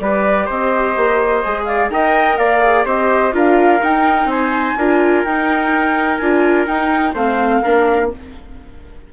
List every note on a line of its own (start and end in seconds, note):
0.00 0.48 G3
0.00 1.44 G4
0.00 0.46 B4
0.00 0.48 D5
0.46 0.96 C4
0.46 1.65 C5
0.46 1.65 D#5
0.96 1.44 A#3
1.45 1.90 G#3
1.45 1.91 G#4
1.65 1.92 D5
1.65 1.89 F5
1.90 2.37 D#4
1.90 2.62 A#4
1.90 2.38 D#5
1.90 2.37 G5
2.37 2.85 A#3
2.37 2.86 D5
2.37 2.84 F5
2.62 2.86 G#4
2.85 3.33 C4
2.85 3.32 G4
2.85 3.33 C5
2.85 3.34 D#5
3.32 3.81 D4
3.32 3.80 F4
3.32 4.30 A#4
3.32 3.83 F5
3.82 4.25 D#4
3.82 4.78 D#4
3.82 4.30 G5
4.25 4.73 C4
4.25 4.78 C5
4.25 5.24 G#5
4.77 5.25 D4
4.77 5.27 F4
4.77 7.14 A#4
5.24 6.20 D#4
5.24 6.22 D#4
5.24 6.17 G5
6.17 6.67 D4
6.17 6.67 F4
6.17 6.65 G#5
6.67 7.14 D#4
6.67 7.14 G5
7.14 7.62 A3
7.14 7.63 C4
7.14 7.61 C5
7.14 8.11 F5
7.62 8.13 A#3
7.62 8.12 D4
7.62 8.10 A#4